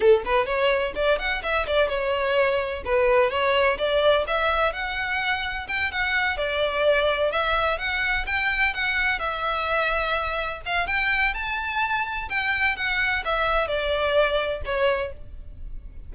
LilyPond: \new Staff \with { instrumentName = "violin" } { \time 4/4 \tempo 4 = 127 a'8 b'8 cis''4 d''8 fis''8 e''8 d''8 | cis''2 b'4 cis''4 | d''4 e''4 fis''2 | g''8 fis''4 d''2 e''8~ |
e''8 fis''4 g''4 fis''4 e''8~ | e''2~ e''8 f''8 g''4 | a''2 g''4 fis''4 | e''4 d''2 cis''4 | }